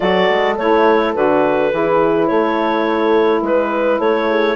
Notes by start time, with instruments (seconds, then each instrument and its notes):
0.00 bassoon F#3, saxophone F#4, horn A4, clarinet D5
0.30 bassoon G#3
0.57 bassoon A3, saxophone E4, clarinet C#5
1.14 bassoon D3, saxophone F#4, clarinet B4
1.71 bassoon E3, saxophone E4, horn G#4
2.27 bassoon A3, horn A4, clarinet C#5
3.41 bassoon G#3, horn B4, clarinet B4
3.98 bassoon A3, horn A4, clarinet C#5
4.28 horn G#4